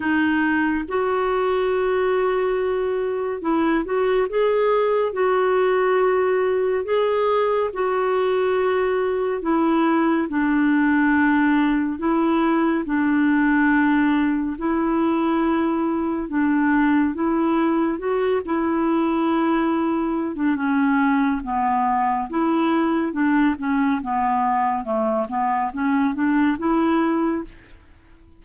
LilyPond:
\new Staff \with { instrumentName = "clarinet" } { \time 4/4 \tempo 4 = 70 dis'4 fis'2. | e'8 fis'8 gis'4 fis'2 | gis'4 fis'2 e'4 | d'2 e'4 d'4~ |
d'4 e'2 d'4 | e'4 fis'8 e'2~ e'16 d'16 | cis'4 b4 e'4 d'8 cis'8 | b4 a8 b8 cis'8 d'8 e'4 | }